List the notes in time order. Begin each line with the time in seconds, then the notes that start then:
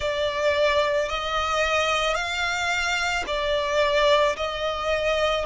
0.00 D5
1.09 D#5
2.15 F5
3.27 D5
4.36 D#5